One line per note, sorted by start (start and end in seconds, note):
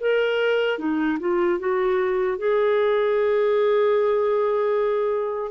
0.00 0.78 A#4
0.78 1.18 D#4
1.19 1.59 F4
1.59 2.38 F#4
2.38 5.51 G#4